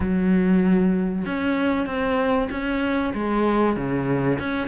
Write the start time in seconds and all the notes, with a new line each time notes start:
0.00 F#3
1.25 C#4
1.86 C4
2.50 C#4
3.14 G#3
3.76 C#3
4.39 C#4